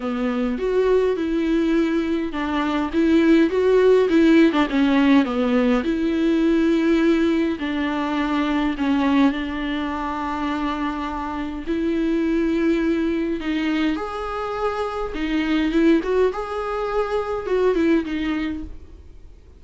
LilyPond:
\new Staff \with { instrumentName = "viola" } { \time 4/4 \tempo 4 = 103 b4 fis'4 e'2 | d'4 e'4 fis'4 e'8. d'16 | cis'4 b4 e'2~ | e'4 d'2 cis'4 |
d'1 | e'2. dis'4 | gis'2 dis'4 e'8 fis'8 | gis'2 fis'8 e'8 dis'4 | }